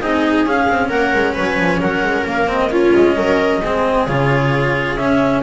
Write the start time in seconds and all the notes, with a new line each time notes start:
0.00 C4 D#4 G#4 D#5
0.46 C#4 F5
0.69 C4
0.89 A#3 A#4 F#5
1.14 G#3
1.33 F#3 B4
1.41 G#5
1.58 F3
1.81 F#3 A#4 F#5
2.03 G#3
2.26 A#3 F5
2.48 C4 D#5
2.70 C#4 F4 C#5
2.95 G#3 D#5
3.17 F#3 A#4
3.61 G#3 C4 G#4
4.06 C#3 F4 C#5
4.96 C#4 E5